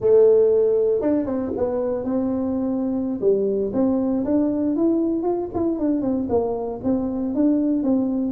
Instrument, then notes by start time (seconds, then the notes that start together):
tuba
0.00 A3
1.01 D4
1.26 C4
1.56 B3
2.04 C4
3.21 G3
3.73 C4
4.24 D4
4.76 E4
5.22 F4
5.54 E4
5.78 D4
6.01 C4
6.29 A#3
6.83 C4
7.34 D4
7.83 C4